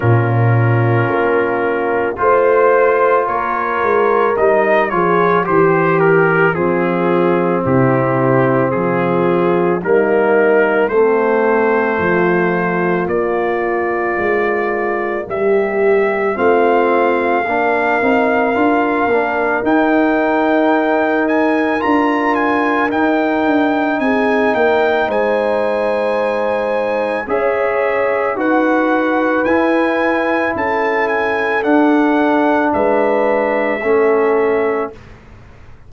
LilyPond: <<
  \new Staff \with { instrumentName = "trumpet" } { \time 4/4 \tempo 4 = 55 ais'2 c''4 cis''4 | dis''8 cis''8 c''8 ais'8 gis'4 g'4 | gis'4 ais'4 c''2 | d''2 e''4 f''4~ |
f''2 g''4. gis''8 | ais''8 gis''8 g''4 gis''8 g''8 gis''4~ | gis''4 e''4 fis''4 gis''4 | a''8 gis''8 fis''4 e''2 | }
  \new Staff \with { instrumentName = "horn" } { \time 4/4 f'2 c''4 ais'4~ | ais'8 gis'8 g'4 f'4 e'4 | f'4 dis'4 c'4 f'4~ | f'2 g'4 f'4 |
ais'1~ | ais'2 gis'8 ais'8 c''4~ | c''4 cis''4 b'2 | a'2 b'4 a'4 | }
  \new Staff \with { instrumentName = "trombone" } { \time 4/4 cis'2 f'2 | dis'8 f'8 g'4 c'2~ | c'4 ais4 a2 | ais2. c'4 |
d'8 dis'8 f'8 d'8 dis'2 | f'4 dis'2.~ | dis'4 gis'4 fis'4 e'4~ | e'4 d'2 cis'4 | }
  \new Staff \with { instrumentName = "tuba" } { \time 4/4 ais,4 ais4 a4 ais8 gis8 | g8 f8 e4 f4 c4 | f4 g4 a4 f4 | ais4 gis4 g4 a4 |
ais8 c'8 d'8 ais8 dis'2 | d'4 dis'8 d'8 c'8 ais8 gis4~ | gis4 cis'4 dis'4 e'4 | cis'4 d'4 gis4 a4 | }
>>